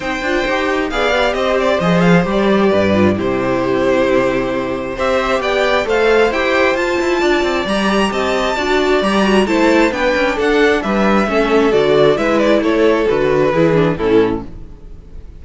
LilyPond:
<<
  \new Staff \with { instrumentName = "violin" } { \time 4/4 \tempo 4 = 133 g''2 f''4 dis''8 d''8 | dis''8 f''8 d''2 c''4~ | c''2. e''4 | g''4 f''4 g''4 a''4~ |
a''4 ais''4 a''2 | ais''4 a''4 g''4 fis''4 | e''2 d''4 e''8 d''8 | cis''4 b'2 a'4 | }
  \new Staff \with { instrumentName = "violin" } { \time 4/4 c''2 d''4 c''4~ | c''2 b'4 g'4~ | g'2. c''4 | d''4 c''2. |
d''2 dis''4 d''4~ | d''4 c''4 b'4 a'4 | b'4 a'2 b'4 | a'2 gis'4 e'4 | }
  \new Staff \with { instrumentName = "viola" } { \time 4/4 dis'8 f'8 g'4 gis'8 g'4. | gis'4 g'4. f'8 e'4~ | e'2. g'4~ | g'4 a'4 g'4 f'4~ |
f'4 g'2 fis'4 | g'8 fis'8 e'4 d'2~ | d'4 cis'4 fis'4 e'4~ | e'4 fis'4 e'8 d'8 cis'4 | }
  \new Staff \with { instrumentName = "cello" } { \time 4/4 c'8 d'8 dis'4 b4 c'4 | f4 g4 g,4 c4~ | c2. c'4 | b4 a4 e'4 f'8 e'8 |
d'8 c'8 g4 c'4 d'4 | g4 a4 b8 cis'8 d'4 | g4 a4 d4 gis4 | a4 d4 e4 a,4 | }
>>